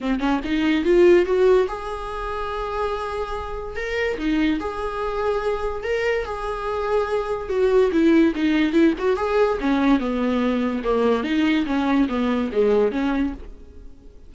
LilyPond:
\new Staff \with { instrumentName = "viola" } { \time 4/4 \tempo 4 = 144 c'8 cis'8 dis'4 f'4 fis'4 | gis'1~ | gis'4 ais'4 dis'4 gis'4~ | gis'2 ais'4 gis'4~ |
gis'2 fis'4 e'4 | dis'4 e'8 fis'8 gis'4 cis'4 | b2 ais4 dis'4 | cis'4 b4 gis4 cis'4 | }